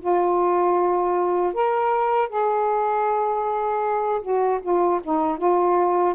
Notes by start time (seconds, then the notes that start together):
0.00 F4
1.54 A#4
2.29 G#4
4.22 F#4
4.62 F4
5.04 D#4
5.38 F4